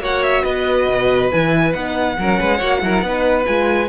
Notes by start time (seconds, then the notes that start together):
0.00 A#3 F#4 C#5 F#5
0.23 E5
0.43 B3 B4 D#5
0.89 B2
1.31 E3 E4 G#5
1.73 B3 D#4 F#5
2.19 F#3 C#4 A#4
2.40 G#3 B4
2.58 A#3 F#4 C#5
2.82 F#3 E4 A#4
3.02 B3 D#4 B4
3.45 G#3 F4 G#5